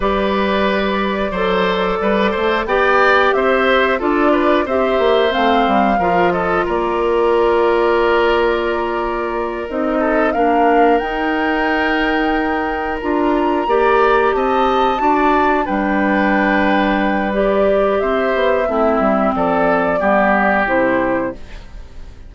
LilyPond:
<<
  \new Staff \with { instrumentName = "flute" } { \time 4/4 \tempo 4 = 90 d''1 | g''4 e''4 d''4 e''4 | f''4. dis''8 d''2~ | d''2~ d''8 dis''4 f''8~ |
f''8 g''2. ais''8~ | ais''4. a''2 g''8~ | g''2 d''4 e''4~ | e''4 d''2 c''4 | }
  \new Staff \with { instrumentName = "oboe" } { \time 4/4 b'2 c''4 b'8 c''8 | d''4 c''4 a'8 b'8 c''4~ | c''4 ais'8 a'8 ais'2~ | ais'2. a'8 ais'8~ |
ais'1~ | ais'8 d''4 dis''4 d''4 b'8~ | b'2. c''4 | e'4 a'4 g'2 | }
  \new Staff \with { instrumentName = "clarinet" } { \time 4/4 g'2 a'2 | g'2 f'4 g'4 | c'4 f'2.~ | f'2~ f'8 dis'4 d'8~ |
d'8 dis'2. f'8~ | f'8 g'2 fis'4 d'8~ | d'2 g'2 | c'2 b4 e'4 | }
  \new Staff \with { instrumentName = "bassoon" } { \time 4/4 g2 fis4 g8 a8 | b4 c'4 d'4 c'8 ais8 | a8 g8 f4 ais2~ | ais2~ ais8 c'4 ais8~ |
ais8 dis'2. d'8~ | d'8 ais4 c'4 d'4 g8~ | g2. c'8 b8 | a8 g8 f4 g4 c4 | }
>>